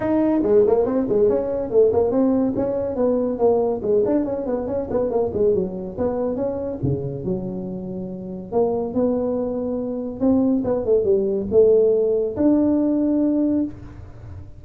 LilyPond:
\new Staff \with { instrumentName = "tuba" } { \time 4/4 \tempo 4 = 141 dis'4 gis8 ais8 c'8 gis8 cis'4 | a8 ais8 c'4 cis'4 b4 | ais4 gis8 d'8 cis'8 b8 cis'8 b8 | ais8 gis8 fis4 b4 cis'4 |
cis4 fis2. | ais4 b2. | c'4 b8 a8 g4 a4~ | a4 d'2. | }